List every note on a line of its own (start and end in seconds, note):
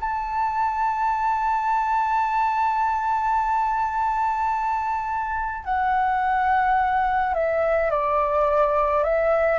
0.00 5.64 A5
5.64 7.34 F#5
7.34 7.90 E5
7.90 9.04 D5
9.04 9.59 E5